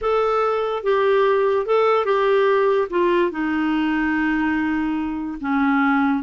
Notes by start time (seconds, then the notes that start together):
0.01 A4
0.83 G4
1.66 A4
2.05 G4
2.90 F4
3.31 D#4
5.40 C#4